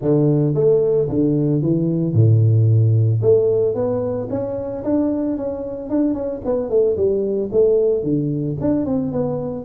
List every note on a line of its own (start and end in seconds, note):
0.01 0.54 D3
0.54 1.08 A3
1.09 1.62 D3
1.62 2.13 E3
2.13 3.20 A2
3.22 3.74 A3
3.74 4.28 B3
4.30 4.83 C#4
4.84 5.37 D4
5.37 5.89 C#4
5.89 6.13 D4
6.13 6.40 C#4
6.45 6.69 B3
6.69 6.96 A3
6.96 7.50 G3
7.51 8.03 A3
8.03 8.56 D3
8.60 8.85 D4
8.85 9.12 C4
9.12 9.65 B3